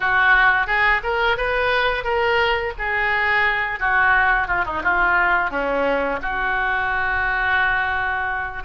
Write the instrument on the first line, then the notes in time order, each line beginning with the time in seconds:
oboe
0.00 F#4
0.66 G#4
1.03 A#4
1.37 B4
2.04 A#4
2.78 G#4
3.79 F#4
4.47 F4
4.65 D#4
4.83 F4
5.50 C#4
6.22 F#4